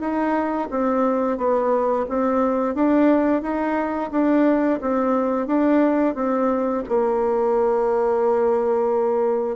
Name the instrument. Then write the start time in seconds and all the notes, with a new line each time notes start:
bassoon
0.00 D#4
0.70 C4
1.37 B3
2.09 C4
2.75 D4
3.42 D#4
4.11 D4
4.81 C4
5.46 D4
6.15 C4
6.88 A#3